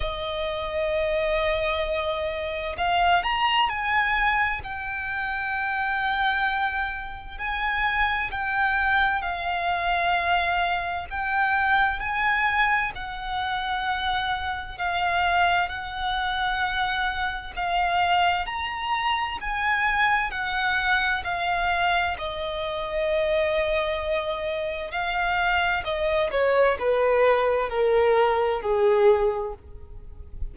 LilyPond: \new Staff \with { instrumentName = "violin" } { \time 4/4 \tempo 4 = 65 dis''2. f''8 ais''8 | gis''4 g''2. | gis''4 g''4 f''2 | g''4 gis''4 fis''2 |
f''4 fis''2 f''4 | ais''4 gis''4 fis''4 f''4 | dis''2. f''4 | dis''8 cis''8 b'4 ais'4 gis'4 | }